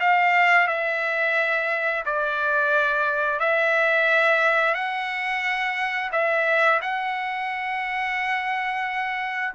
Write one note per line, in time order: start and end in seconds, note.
0.00 0.68 F5
0.68 2.04 E5
2.05 3.39 D5
3.39 4.74 E5
4.74 6.11 F#5
6.12 6.80 E5
6.82 9.54 F#5